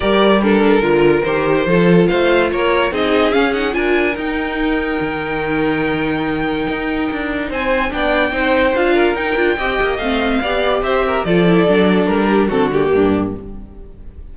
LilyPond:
<<
  \new Staff \with { instrumentName = "violin" } { \time 4/4 \tempo 4 = 144 d''4 ais'2 c''4~ | c''4 f''4 cis''4 dis''4 | f''8 fis''8 gis''4 g''2~ | g''1~ |
g''2 gis''4 g''4~ | g''4 f''4 g''2 | f''2 e''4 d''4~ | d''4 ais'4 a'8 g'4. | }
  \new Staff \with { instrumentName = "violin" } { \time 4/4 ais'4 a'4 ais'2 | a'4 c''4 ais'4 gis'4~ | gis'4 ais'2.~ | ais'1~ |
ais'2 c''4 d''4 | c''4. ais'4. dis''4~ | dis''4 d''4 c''8 ais'8 a'4~ | a'4. g'8 fis'4 d'4 | }
  \new Staff \with { instrumentName = "viola" } { \time 4/4 g'4 d'4 f'4 g'4 | f'2. dis'4 | cis'8 dis'8 f'4 dis'2~ | dis'1~ |
dis'2. d'4 | dis'4 f'4 dis'8 f'8 g'4 | c'4 g'2 f'8 e'8 | d'2 c'8 ais4. | }
  \new Staff \with { instrumentName = "cello" } { \time 4/4 g2 d4 dis4 | f4 a4 ais4 c'4 | cis'4 d'4 dis'2 | dis1 |
dis'4 d'4 c'4 b4 | c'4 d'4 dis'8 d'8 c'8 ais8 | a4 b4 c'4 f4 | fis4 g4 d4 g,4 | }
>>